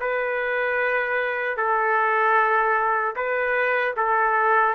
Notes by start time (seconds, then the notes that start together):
0.00 B4
1.57 A4
3.15 B4
3.96 A4